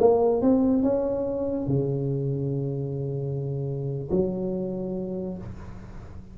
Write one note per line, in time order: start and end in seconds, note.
0.00 0.42 A#3
0.42 0.83 C4
0.83 1.67 C#4
1.67 4.10 C#3
4.11 5.38 F#3